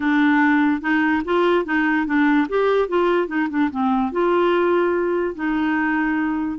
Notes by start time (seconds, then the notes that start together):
0.00 D4
0.81 D#4
1.24 F4
1.65 D#4
2.06 D4
2.48 G4
2.88 F4
3.27 D#4
3.49 D4
3.70 C4
4.12 F4
5.35 D#4